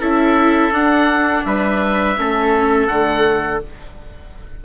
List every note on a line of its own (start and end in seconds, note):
0.00 0.71 C#4
0.00 0.72 E4
0.00 1.45 A4
0.00 0.74 E5
0.71 1.43 D4
0.71 2.16 D4
0.71 1.45 F#5
1.45 2.17 G3
1.45 2.19 B4
1.45 2.87 E5
2.17 2.89 A3
2.17 2.88 C#4
2.17 3.64 A4
2.87 3.61 D3
2.87 3.61 A3
2.87 3.60 F#5